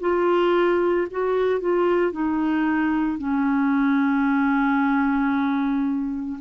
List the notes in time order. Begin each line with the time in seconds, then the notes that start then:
0.00 F4
1.11 F#4
1.60 F4
2.11 D#4
3.18 C#4